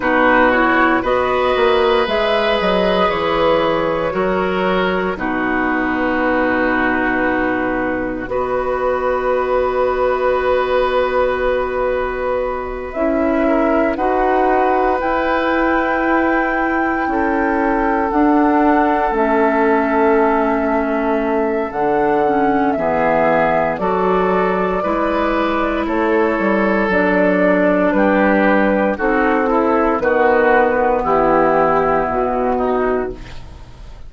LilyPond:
<<
  \new Staff \with { instrumentName = "flute" } { \time 4/4 \tempo 4 = 58 b'8 cis''8 dis''4 e''8 dis''8 cis''4~ | cis''4 b'2. | dis''1~ | dis''8 e''4 fis''4 g''4.~ |
g''4. fis''4 e''4.~ | e''4 fis''4 e''4 d''4~ | d''4 cis''4 d''4 b'4 | a'4 b'4 g'4 fis'4 | }
  \new Staff \with { instrumentName = "oboe" } { \time 4/4 fis'4 b'2. | ais'4 fis'2. | b'1~ | b'4 ais'8 b'2~ b'8~ |
b'8 a'2.~ a'8~ | a'2 gis'4 a'4 | b'4 a'2 g'4 | fis'8 e'8 fis'4 e'4. dis'8 | }
  \new Staff \with { instrumentName = "clarinet" } { \time 4/4 dis'8 e'8 fis'4 gis'2 | fis'4 dis'2. | fis'1~ | fis'8 e'4 fis'4 e'4.~ |
e'4. d'4 cis'4.~ | cis'4 d'8 cis'8 b4 fis'4 | e'2 d'2 | dis'8 e'8 b2. | }
  \new Staff \with { instrumentName = "bassoon" } { \time 4/4 b,4 b8 ais8 gis8 fis8 e4 | fis4 b,2. | b1~ | b8 cis'4 dis'4 e'4.~ |
e'8 cis'4 d'4 a4.~ | a4 d4 e4 fis4 | gis4 a8 g8 fis4 g4 | c'4 dis4 e4 b,4 | }
>>